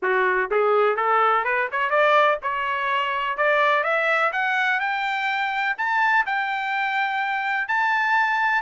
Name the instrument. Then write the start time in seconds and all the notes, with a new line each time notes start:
trumpet
0.02 F#4
0.51 G#4
0.96 A4
1.44 B4
1.71 C#5
1.90 D5
2.42 C#5
3.37 D5
3.83 E5
4.32 F#5
4.80 G5
5.77 A5
6.26 G5
7.68 A5